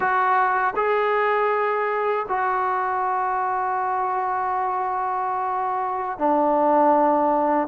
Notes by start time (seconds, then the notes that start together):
0.00 F#4
0.76 G#4
2.28 F#4
6.18 D4